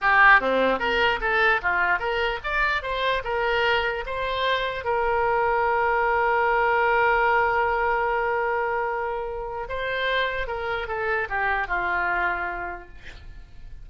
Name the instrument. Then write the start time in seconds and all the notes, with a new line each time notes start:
oboe
0.01 G4
0.40 C4
0.79 A#4
1.20 A4
1.61 F4
1.99 A#4
2.43 D5
2.82 C5
3.24 A#4
4.06 C5
4.84 A#4
9.68 C5
10.47 A#4
10.87 A4
11.29 G4
11.67 F4